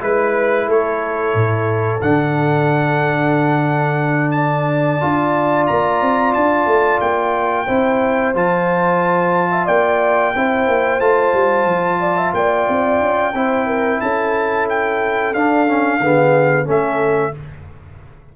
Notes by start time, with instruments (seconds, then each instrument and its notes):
0.00 tuba G#3, trombone E4, trumpet B4, horn B4
0.68 tuba A3, horn A4, trumpet C#5
1.35 tuba A2
2.02 tuba D3, trombone D4, trumpet F#5
4.32 horn D5, trumpet A5
5.00 tuba D4, trombone F4
5.67 tuba A#3, trumpet A#5
6.02 tuba C4
6.34 tuba D4, trumpet A5
6.67 tuba A3
7.01 tuba A#3, trumpet G5
7.66 tuba C4, trombone E4, horn C5
8.34 tuba F3, trombone F4, trumpet A5
9.51 horn E5
9.66 tuba A#3, horn D5, trumpet G5
10.36 tuba C4, trombone E4, horn C5
10.68 tuba A#3
11.00 tuba A3, trombone F4, trumpet A5
11.34 tuba G3
11.65 tuba F3
12.00 horn D5
12.17 horn E5
12.34 tuba A#3, horn D5, trumpet G5
12.69 tuba C4
13.00 tuba C#4
13.33 tuba C4, trombone E4, horn C5
13.67 horn A#4
14.01 tuba C#4, horn A4, trumpet A5
14.70 trumpet G5
15.34 tuba D4, trombone D4, trumpet F5
15.67 trombone C#4
16.00 tuba D3, trombone B3, horn G#4
16.65 tuba A3, trombone C#4, horn A4, trumpet E5